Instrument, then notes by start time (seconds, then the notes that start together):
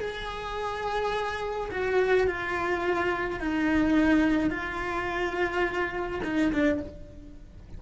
cello
0.00 G#4
1.70 F#4
2.27 F4
3.40 D#4
4.50 F4
6.24 D#4
6.52 D4